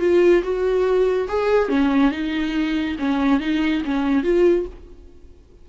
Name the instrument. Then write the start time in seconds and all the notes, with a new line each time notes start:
viola
0.00 F4
0.43 F#4
1.29 G#4
1.69 C#4
2.12 D#4
2.99 C#4
3.40 D#4
3.85 C#4
4.24 F4